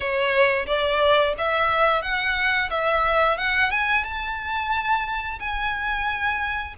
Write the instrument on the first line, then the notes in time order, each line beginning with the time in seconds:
violin
0.00 C#5
0.66 D5
1.38 E5
2.02 F#5
2.70 E5
3.37 F#5
3.70 G#5
4.04 A5
5.39 G#5